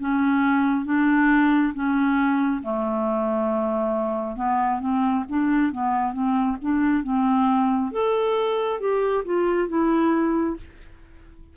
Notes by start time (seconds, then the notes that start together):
0.00 C#4
0.86 D4
1.74 C#4
2.63 A3
4.36 B3
4.80 C4
5.29 D4
5.72 B3
6.13 C4
6.62 D4
7.04 C4
7.92 A4
8.80 G4
9.25 F4
9.69 E4